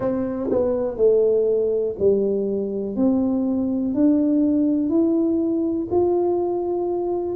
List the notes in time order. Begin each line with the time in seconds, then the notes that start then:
0.00 C4
0.51 B3
0.97 A3
1.99 G3
2.96 C4
3.94 D4
4.89 E4
5.90 F4